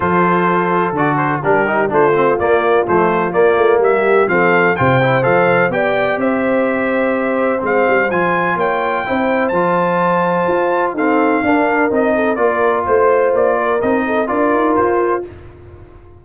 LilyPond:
<<
  \new Staff \with { instrumentName = "trumpet" } { \time 4/4 \tempo 4 = 126 c''2 d''8 c''8 ais'4 | c''4 d''4 c''4 d''4 | e''4 f''4 g''4 f''4 | g''4 e''2. |
f''4 gis''4 g''2 | a''2. f''4~ | f''4 dis''4 d''4 c''4 | d''4 dis''4 d''4 c''4 | }
  \new Staff \with { instrumentName = "horn" } { \time 4/4 a'2. g'4 | f'1 | g'4 a'4 c''2 | d''4 c''2.~ |
c''2 cis''4 c''4~ | c''2. a'4 | ais'4. a'8 ais'4 c''4~ | c''8 ais'4 a'8 ais'2 | }
  \new Staff \with { instrumentName = "trombone" } { \time 4/4 f'2 fis'4 d'8 dis'8 | d'8 c'8 ais4 a4 ais4~ | ais4 c'4 f'8 e'8 a'4 | g'1 |
c'4 f'2 e'4 | f'2. c'4 | d'4 dis'4 f'2~ | f'4 dis'4 f'2 | }
  \new Staff \with { instrumentName = "tuba" } { \time 4/4 f2 d4 g4 | a4 ais4 f4 ais8 a8 | g4 f4 c4 f4 | b4 c'2. |
gis8 g8 f4 ais4 c'4 | f2 f'4 dis'4 | d'4 c'4 ais4 a4 | ais4 c'4 d'8 dis'8 f'4 | }
>>